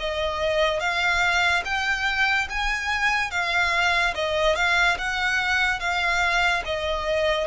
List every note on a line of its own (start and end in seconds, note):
0.00 0.80 D#5
0.80 1.64 F5
1.65 2.48 G5
2.50 3.31 G#5
3.31 4.15 F5
4.15 4.56 D#5
4.56 4.98 F5
4.98 5.80 F#5
5.80 6.63 F5
6.66 7.47 D#5